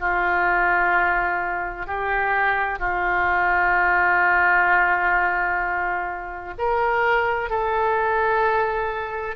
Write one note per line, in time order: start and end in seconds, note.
0.00 1.87 F4
1.87 2.79 G4
2.79 6.54 F4
6.58 7.50 A#4
7.50 9.36 A4